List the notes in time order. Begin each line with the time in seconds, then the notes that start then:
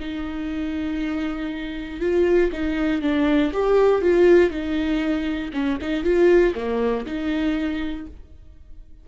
0.00 D#4
2.00 F4
2.52 D#4
3.02 D4
3.53 G4
4.01 F4
4.50 D#4
5.53 C#4
5.81 D#4
6.04 F4
6.55 A#3
7.06 D#4